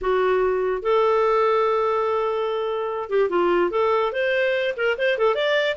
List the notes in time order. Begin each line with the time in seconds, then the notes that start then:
0.01 F#4
0.82 A4
3.09 G4
3.29 F4
3.70 A4
4.12 C5
4.76 A#4
4.98 C5
5.18 A4
5.35 D5